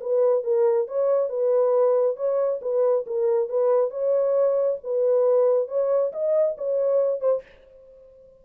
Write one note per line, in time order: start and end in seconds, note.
0.00 0.43 B4
0.43 0.87 A#4
0.87 1.29 C#5
1.29 2.16 B4
2.16 2.60 C#5
2.61 3.05 B4
3.06 3.49 A#4
3.49 3.90 B4
3.90 4.78 C#5
4.83 5.68 B4
5.68 6.12 C#5
6.12 6.56 D#5
6.57 7.20 C#5
7.20 7.42 C5